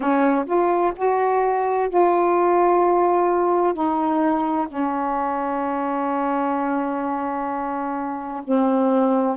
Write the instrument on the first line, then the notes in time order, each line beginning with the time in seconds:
saxophone
0.00 C#4
0.46 F4
0.95 F#4
1.89 F4
3.73 D#4
4.67 C#4
8.44 C4